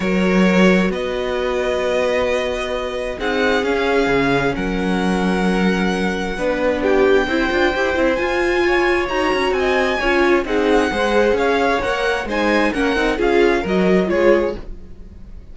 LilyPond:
<<
  \new Staff \with { instrumentName = "violin" } { \time 4/4 \tempo 4 = 132 cis''2 dis''2~ | dis''2. fis''4 | f''2 fis''2~ | fis''2. g''4~ |
g''2 gis''2 | ais''4 gis''2 fis''4~ | fis''4 f''4 fis''4 gis''4 | fis''4 f''4 dis''4 cis''4 | }
  \new Staff \with { instrumentName = "violin" } { \time 4/4 ais'2 b'2~ | b'2. gis'4~ | gis'2 ais'2~ | ais'2 b'4 g'4 |
c''2. cis''4~ | cis''4 dis''4 cis''4 gis'4 | c''4 cis''2 c''4 | ais'4 gis'4 ais'4 gis'4 | }
  \new Staff \with { instrumentName = "viola" } { \time 4/4 fis'1~ | fis'2. dis'4 | cis'1~ | cis'2 d'2 |
e'8 f'8 g'8 e'8 f'2 | fis'2 f'4 dis'4 | gis'2 ais'4 dis'4 | cis'8 dis'8 f'4 fis'4 f'4 | }
  \new Staff \with { instrumentName = "cello" } { \time 4/4 fis2 b2~ | b2. c'4 | cis'4 cis4 fis2~ | fis2 b2 |
c'8 d'8 e'8 c'8 f'2 | dis'8 cis'8 c'4 cis'4 c'4 | gis4 cis'4 ais4 gis4 | ais8 c'8 cis'4 fis4 gis4 | }
>>